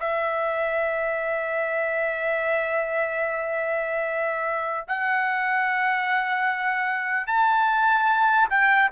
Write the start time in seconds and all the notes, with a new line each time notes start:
0.00 E5
4.88 F#5
7.27 A5
8.50 G5